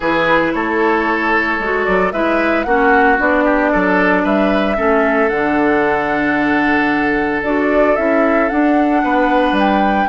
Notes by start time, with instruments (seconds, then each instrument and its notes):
0.00 bassoon E3, clarinet E4, oboe G#4, flute B4
0.53 bassoon A3, oboe A4, flute C#5
1.59 bassoon G#3, clarinet F#4
1.85 bassoon F#3, flute D5
2.12 bassoon G#3, clarinet E4, oboe B4, flute E5
2.63 bassoon A#3, clarinet C#4, oboe F#4, flute F#5
3.17 bassoon B3, clarinet D4, flute D5
3.44 oboe G4
3.72 bassoon F#3, oboe A4
4.23 bassoon G3, oboe B4, flute E5
4.76 bassoon A3, clarinet C#4, oboe A4
5.29 bassoon D3, clarinet D4, flute F#5
7.42 bassoon D4, clarinet F#4, flute D5
7.95 bassoon C#4, clarinet E4, flute E5
8.49 clarinet D4, bassoon D4, flute F#5
9.03 bassoon B3, oboe B4
9.52 bassoon G3
9.59 flute G5